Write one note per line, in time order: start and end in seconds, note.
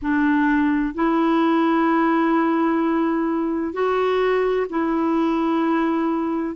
0.02 0.94 D4
0.94 3.73 E4
3.73 4.66 F#4
4.69 6.55 E4